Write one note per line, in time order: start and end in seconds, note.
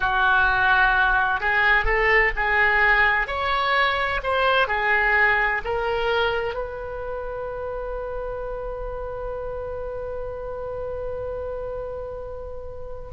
0.00 1.40 F#4
1.40 1.85 G#4
1.85 2.31 A4
2.36 3.27 G#4
3.27 4.21 C#5
4.23 4.67 C5
4.67 5.61 G#4
5.64 6.54 A#4
6.54 13.10 B4